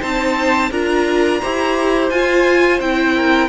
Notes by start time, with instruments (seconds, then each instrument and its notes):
0.00 cello C4, viola D#4, violin C5 A5
0.71 cello D4, viola F4, violin A#4 A#5
1.41 cello E4, viola G4, violin C5
2.10 cello F4, viola F4, violin G#5
2.80 cello C4, viola E4, violin G5
3.16 violin A#4